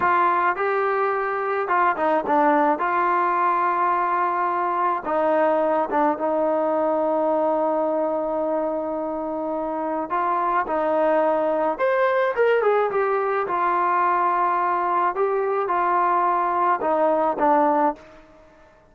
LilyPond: \new Staff \with { instrumentName = "trombone" } { \time 4/4 \tempo 4 = 107 f'4 g'2 f'8 dis'8 | d'4 f'2.~ | f'4 dis'4. d'8 dis'4~ | dis'1~ |
dis'2 f'4 dis'4~ | dis'4 c''4 ais'8 gis'8 g'4 | f'2. g'4 | f'2 dis'4 d'4 | }